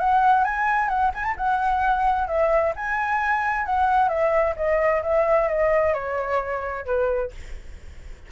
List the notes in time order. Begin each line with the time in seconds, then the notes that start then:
0.00 F#5
0.44 G#5
0.89 F#5
1.14 G#5
1.24 A5
1.37 F#5
2.28 E5
2.76 G#5
3.66 F#5
4.09 E5
4.57 D#5
5.03 E5
5.49 D#5
5.94 C#5
6.86 B4